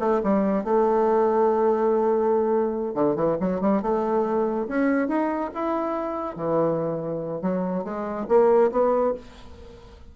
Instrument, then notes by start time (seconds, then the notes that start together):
bassoon
0.00 A3
0.23 G3
0.64 A3
2.95 D3
3.16 E3
3.41 F#3
3.61 G3
3.82 A3
4.68 C#4
5.08 D#4
5.55 E4
6.36 E3
7.42 F#3
7.84 G#3
8.28 A#3
8.72 B3